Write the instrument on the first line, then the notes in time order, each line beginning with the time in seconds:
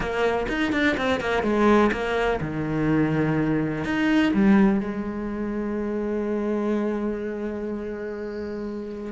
cello
0.00 A#3
0.48 D#4
0.72 D4
0.97 C4
1.20 A#3
1.42 G#3
1.91 A#3
2.40 D#3
3.84 D#4
4.33 G3
4.80 G#3